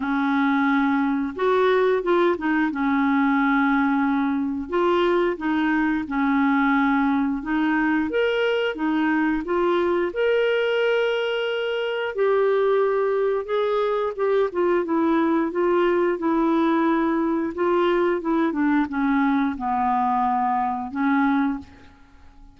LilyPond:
\new Staff \with { instrumentName = "clarinet" } { \time 4/4 \tempo 4 = 89 cis'2 fis'4 f'8 dis'8 | cis'2. f'4 | dis'4 cis'2 dis'4 | ais'4 dis'4 f'4 ais'4~ |
ais'2 g'2 | gis'4 g'8 f'8 e'4 f'4 | e'2 f'4 e'8 d'8 | cis'4 b2 cis'4 | }